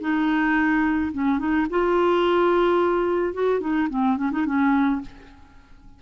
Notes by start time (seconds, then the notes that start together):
0.00 D#4
1.12 C#4
1.38 D#4
1.70 F4
3.33 F#4
3.60 D#4
3.89 C4
4.17 C#4
4.32 D#4
4.45 C#4